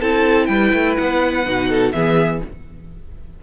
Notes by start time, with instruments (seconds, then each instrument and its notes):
0.00 cello C4, viola E4, violin A4 A5
0.46 cello G3, violin B4 G5
0.73 cello A3
0.97 cello B3, violin F#5
1.45 cello B2, viola D#4
1.69 violin A4
1.92 cello E3, viola B3, violin G#4 E5